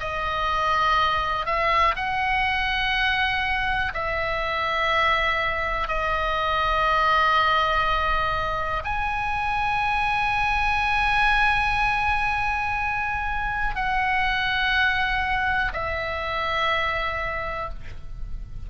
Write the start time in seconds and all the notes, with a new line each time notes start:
0.00 D#5
1.46 E5
1.96 F#5
3.94 E5
5.88 D#5
8.84 G#5
13.76 F#5
15.73 E5